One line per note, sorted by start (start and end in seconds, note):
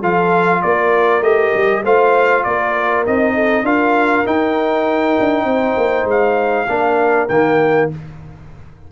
0.00 0.62 F3
0.00 1.22 F4
0.00 0.61 A4
0.00 0.62 F5
0.62 1.21 A#3
0.62 1.84 A#4
0.62 1.22 D5
1.21 1.51 A3
1.21 1.83 G4
1.21 1.83 D#5
1.54 1.83 G3
1.83 2.44 A3
1.83 3.06 F4
1.83 2.44 C5
1.83 2.43 F5
2.43 3.06 A#3
2.43 3.35 A#4
2.43 3.04 D5
3.06 3.63 C4
3.06 3.64 D#4
3.06 3.65 D#5
3.35 3.64 A4
3.63 4.23 D4
3.63 4.25 F4
3.63 5.45 A#4
3.63 4.26 F5
4.25 6.67 D#4
4.25 5.17 D#4
4.25 6.08 G5
5.19 5.44 D4
5.44 5.74 C4
5.44 6.66 C5
5.77 6.04 A#3
6.04 6.65 G#3
6.04 7.28 F5
6.68 7.28 A#3
6.68 7.29 D4
6.68 7.89 A#4
7.28 7.90 D#3
7.28 7.91 A#3
7.28 7.89 G5